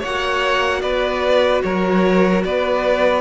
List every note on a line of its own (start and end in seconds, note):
0.00 0.83 A#3
0.00 3.21 F#4
0.00 0.80 C#5
0.00 0.82 F#5
0.82 1.63 B3
0.82 1.63 B4
0.82 1.62 D5
1.63 2.44 F#3
1.63 2.45 A#4
1.63 2.43 C#5
2.45 3.21 B3
2.45 3.21 B4
2.45 3.21 D5